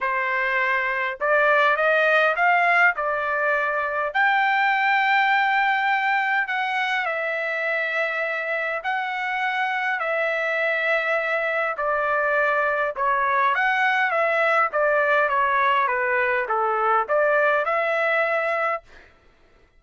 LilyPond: \new Staff \with { instrumentName = "trumpet" } { \time 4/4 \tempo 4 = 102 c''2 d''4 dis''4 | f''4 d''2 g''4~ | g''2. fis''4 | e''2. fis''4~ |
fis''4 e''2. | d''2 cis''4 fis''4 | e''4 d''4 cis''4 b'4 | a'4 d''4 e''2 | }